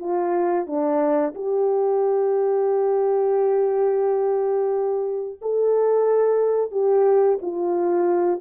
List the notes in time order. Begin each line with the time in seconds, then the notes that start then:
0.00 F4
0.67 D4
1.35 G4
5.42 A4
6.72 G4
7.42 F4